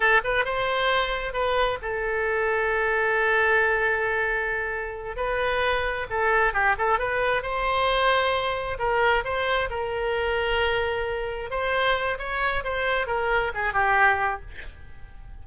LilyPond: \new Staff \with { instrumentName = "oboe" } { \time 4/4 \tempo 4 = 133 a'8 b'8 c''2 b'4 | a'1~ | a'2.~ a'8 b'8~ | b'4. a'4 g'8 a'8 b'8~ |
b'8 c''2. ais'8~ | ais'8 c''4 ais'2~ ais'8~ | ais'4. c''4. cis''4 | c''4 ais'4 gis'8 g'4. | }